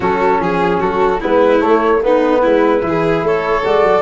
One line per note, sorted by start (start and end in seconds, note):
0.00 0.40 F#3
0.00 1.18 C#4
0.00 0.40 F#4
0.00 0.41 A4
0.40 0.80 F3
0.40 0.80 G#4
0.40 0.79 G#4
0.79 1.22 F#3
0.79 1.20 F#4
0.79 1.21 A4
1.20 1.63 G#3
1.20 1.59 B3
1.20 2.01 E4
1.20 1.61 B4
1.59 2.00 A3
1.59 2.44 A3
1.59 2.01 C#5
2.03 2.81 B3
2.03 2.42 D#4
2.03 3.25 B4
2.42 2.82 G#3
2.42 2.82 E4
2.81 3.22 E3
2.81 3.62 E4
2.88 3.27 G#4
3.22 3.63 A3
3.22 4.01 A4
3.22 3.66 C#5
3.64 3.83 G#3
3.64 4.01 F#4
3.64 4.01 D5
3.83 4.01 F#3